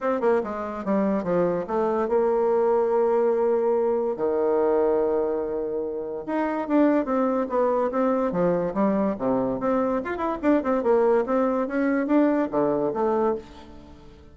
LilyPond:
\new Staff \with { instrumentName = "bassoon" } { \time 4/4 \tempo 4 = 144 c'8 ais8 gis4 g4 f4 | a4 ais2.~ | ais2 dis2~ | dis2. dis'4 |
d'4 c'4 b4 c'4 | f4 g4 c4 c'4 | f'8 e'8 d'8 c'8 ais4 c'4 | cis'4 d'4 d4 a4 | }